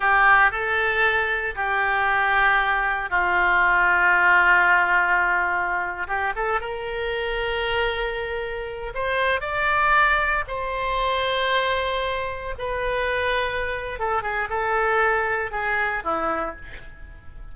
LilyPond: \new Staff \with { instrumentName = "oboe" } { \time 4/4 \tempo 4 = 116 g'4 a'2 g'4~ | g'2 f'2~ | f'2.~ f'8. g'16~ | g'16 a'8 ais'2.~ ais'16~ |
ais'4~ ais'16 c''4 d''4.~ d''16~ | d''16 c''2.~ c''8.~ | c''16 b'2~ b'8. a'8 gis'8 | a'2 gis'4 e'4 | }